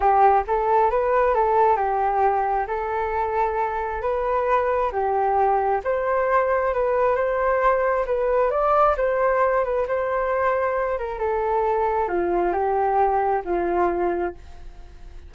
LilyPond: \new Staff \with { instrumentName = "flute" } { \time 4/4 \tempo 4 = 134 g'4 a'4 b'4 a'4 | g'2 a'2~ | a'4 b'2 g'4~ | g'4 c''2 b'4 |
c''2 b'4 d''4 | c''4. b'8 c''2~ | c''8 ais'8 a'2 f'4 | g'2 f'2 | }